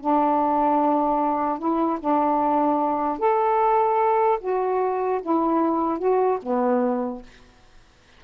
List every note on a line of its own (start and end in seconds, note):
0.00 1.59 D4
1.59 1.99 E4
2.00 3.18 D4
3.18 4.38 A4
4.40 5.20 F#4
5.22 5.99 E4
5.99 6.39 F#4
6.42 7.22 B3